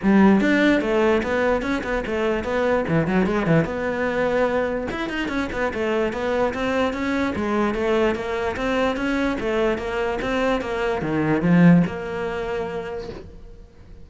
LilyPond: \new Staff \with { instrumentName = "cello" } { \time 4/4 \tempo 4 = 147 g4 d'4 a4 b4 | cis'8 b8 a4 b4 e8 fis8 | gis8 e8 b2. | e'8 dis'8 cis'8 b8 a4 b4 |
c'4 cis'4 gis4 a4 | ais4 c'4 cis'4 a4 | ais4 c'4 ais4 dis4 | f4 ais2. | }